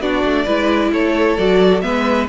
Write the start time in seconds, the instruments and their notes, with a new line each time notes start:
0.00 cello B3, viola D4, violin F#4 D5
0.24 cello A3
0.45 cello G#3, viola E4, violin B4
0.92 cello A3, violin A4 C#5
1.37 cello F#3, viola F#4, violin D5
1.81 cello G#3, viola B3, violin B4 E5